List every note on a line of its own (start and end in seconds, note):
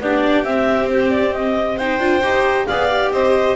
0.00 0.44 B3
0.00 0.44 D4
0.00 1.77 G4
0.00 0.44 D5
0.44 1.99 C4
0.44 1.78 C4
0.44 0.88 E5
0.89 1.11 C5
1.11 1.33 D5
1.33 1.78 D#5
1.77 2.00 D#4
1.77 2.66 C5
1.77 2.66 G5
1.99 2.21 D4
1.99 2.22 F4
2.22 2.67 D#4
2.22 2.67 G4
2.66 3.11 B3
2.66 2.90 G#4
2.66 3.12 D5
2.66 3.11 F5
2.90 3.55 G4
3.11 3.55 C4
3.11 3.55 C5
3.11 3.55 D#5